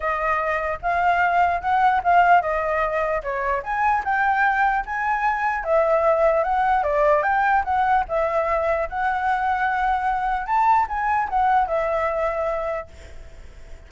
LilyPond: \new Staff \with { instrumentName = "flute" } { \time 4/4 \tempo 4 = 149 dis''2 f''2 | fis''4 f''4 dis''2 | cis''4 gis''4 g''2 | gis''2 e''2 |
fis''4 d''4 g''4 fis''4 | e''2 fis''2~ | fis''2 a''4 gis''4 | fis''4 e''2. | }